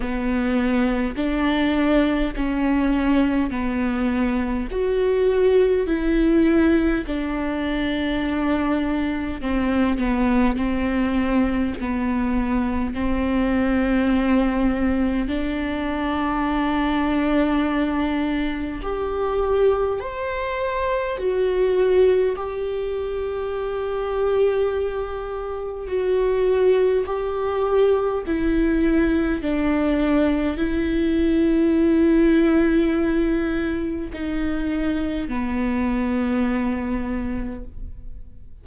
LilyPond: \new Staff \with { instrumentName = "viola" } { \time 4/4 \tempo 4 = 51 b4 d'4 cis'4 b4 | fis'4 e'4 d'2 | c'8 b8 c'4 b4 c'4~ | c'4 d'2. |
g'4 c''4 fis'4 g'4~ | g'2 fis'4 g'4 | e'4 d'4 e'2~ | e'4 dis'4 b2 | }